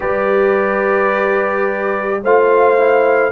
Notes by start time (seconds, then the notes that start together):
0.00 G3 G4 B4 D5
2.22 A3 F4 C5 F5
2.77 E4